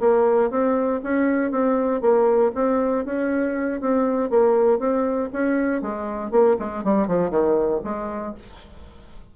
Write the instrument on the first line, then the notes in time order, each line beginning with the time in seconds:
bassoon
0.00 A#3
0.50 C4
1.04 C#4
1.51 C4
2.01 A#3
2.55 C4
3.05 C#4
3.81 C4
4.30 A#3
4.79 C4
5.33 C#4
5.82 G#3
6.31 A#3
6.60 G#3
6.84 G3
7.08 F3
7.31 D#3
7.84 G#3